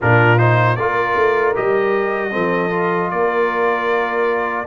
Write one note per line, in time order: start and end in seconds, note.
0.00 0.78 A#2
0.00 0.38 D4
0.00 0.78 F4
0.00 0.38 A#4
0.38 0.77 D#4
0.38 0.76 C5
0.76 1.16 A#3
0.76 1.54 F4
0.76 2.32 A#4
0.76 1.54 D5
1.16 1.55 A3
1.54 2.35 G3
1.54 2.31 G4
1.54 3.10 D#5
2.31 3.12 F3
2.31 2.69 C4
2.31 3.10 A4
2.70 4.65 F4
3.10 4.66 A#3
3.10 4.66 A#4
3.10 4.66 D5